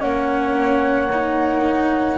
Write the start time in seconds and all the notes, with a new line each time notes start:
0.00 A#3 C#4 C#5 F#5
1.12 D#4